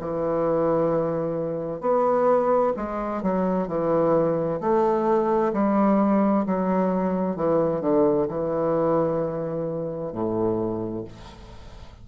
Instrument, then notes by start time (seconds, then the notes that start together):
bassoon
0.00 E3
1.80 B3
2.76 G#3
3.22 F#3
3.68 E3
4.60 A3
5.53 G3
6.46 F#3
7.36 E3
7.80 D3
8.28 E3
10.12 A2